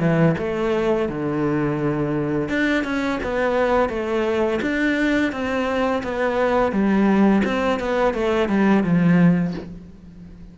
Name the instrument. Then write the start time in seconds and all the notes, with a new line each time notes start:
cello
0.00 E3
0.38 A3
1.09 D3
2.49 D4
2.84 C#4
3.23 B3
3.89 A3
4.62 D4
5.32 C4
6.03 B3
6.72 G3
7.44 C4
7.80 B3
8.14 A3
8.49 G3
8.83 F3